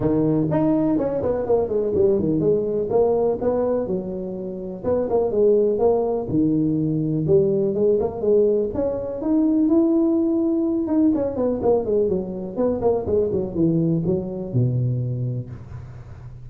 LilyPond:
\new Staff \with { instrumentName = "tuba" } { \time 4/4 \tempo 4 = 124 dis4 dis'4 cis'8 b8 ais8 gis8 | g8 dis8 gis4 ais4 b4 | fis2 b8 ais8 gis4 | ais4 dis2 g4 |
gis8 ais8 gis4 cis'4 dis'4 | e'2~ e'8 dis'8 cis'8 b8 | ais8 gis8 fis4 b8 ais8 gis8 fis8 | e4 fis4 b,2 | }